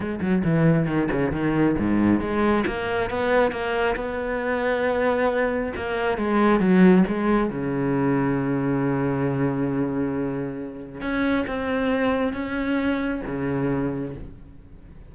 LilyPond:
\new Staff \with { instrumentName = "cello" } { \time 4/4 \tempo 4 = 136 gis8 fis8 e4 dis8 cis8 dis4 | gis,4 gis4 ais4 b4 | ais4 b2.~ | b4 ais4 gis4 fis4 |
gis4 cis2.~ | cis1~ | cis4 cis'4 c'2 | cis'2 cis2 | }